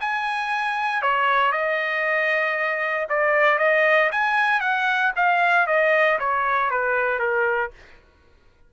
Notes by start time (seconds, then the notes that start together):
0.00 G#5
1.02 C#5
1.52 D#5
3.09 D5
3.58 D#5
4.11 G#5
4.60 F#5
5.16 F5
5.67 D#5
6.19 C#5
6.70 B4
7.19 A#4